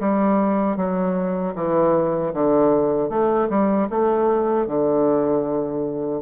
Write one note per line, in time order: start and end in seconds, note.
0.00 0.77 G3
0.77 1.55 F#3
1.55 2.33 E3
2.34 3.10 D3
3.10 3.49 A3
3.50 3.89 G3
3.90 4.67 A3
4.67 6.23 D3